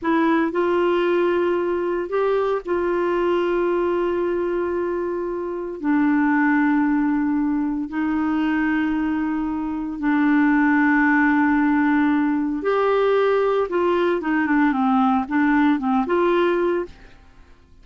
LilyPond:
\new Staff \with { instrumentName = "clarinet" } { \time 4/4 \tempo 4 = 114 e'4 f'2. | g'4 f'2.~ | f'2. d'4~ | d'2. dis'4~ |
dis'2. d'4~ | d'1 | g'2 f'4 dis'8 d'8 | c'4 d'4 c'8 f'4. | }